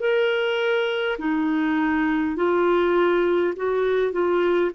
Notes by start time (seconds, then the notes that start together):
0.00 A#4
1.19 D#4
2.36 F4
3.56 F#4
4.12 F4